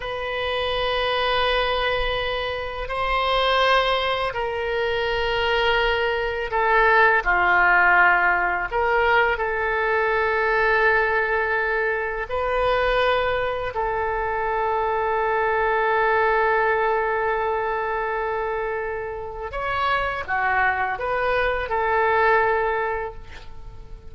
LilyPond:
\new Staff \with { instrumentName = "oboe" } { \time 4/4 \tempo 4 = 83 b'1 | c''2 ais'2~ | ais'4 a'4 f'2 | ais'4 a'2.~ |
a'4 b'2 a'4~ | a'1~ | a'2. cis''4 | fis'4 b'4 a'2 | }